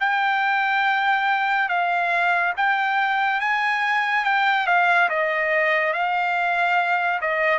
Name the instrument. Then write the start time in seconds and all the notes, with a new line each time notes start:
trumpet
0.00 G5
1.69 F5
2.57 G5
3.40 G#5
4.25 G5
4.67 F5
5.09 D#5
5.93 F5
7.21 D#5